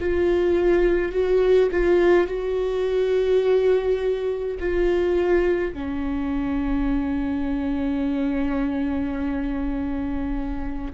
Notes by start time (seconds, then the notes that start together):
0.00 F4
1.12 F#4
1.72 F4
2.28 F#4
4.59 F4
5.74 C#4